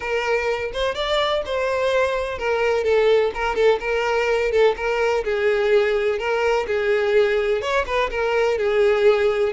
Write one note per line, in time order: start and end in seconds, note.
0.00 0.71 A#4
0.73 0.94 C5
0.94 1.42 D5
1.45 2.38 C5
2.38 2.84 A#4
2.84 3.31 A4
3.34 3.55 A#4
3.55 3.79 A4
3.80 4.51 A#4
4.51 4.75 A4
4.76 5.24 A#4
5.24 6.18 G#4
6.18 6.66 A#4
6.67 7.61 G#4
7.61 7.85 C#5
7.86 8.10 B4
8.10 8.57 A#4
8.58 9.53 G#4